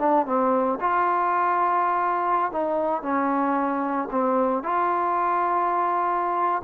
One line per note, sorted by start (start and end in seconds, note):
0.00 0.26 D4
0.26 0.79 C4
0.81 2.52 F4
2.52 3.03 D#4
3.03 4.09 C#4
4.12 4.64 C4
4.64 6.63 F4